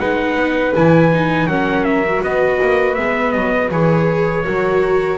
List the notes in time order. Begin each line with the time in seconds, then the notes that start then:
0.00 G#3 D#4 B4 F#5
0.37 B3
0.75 E3 E4 G#5
1.13 D#4
1.47 F#3 C#4 A#4 F#5
1.85 E5
2.06 F#4
2.23 B3 B4 D#5
2.62 A#3
2.95 G#3 B3 E5
3.32 F#3 D#5
3.71 E3 G#4 C#5
4.45 F#3 F#4 A#4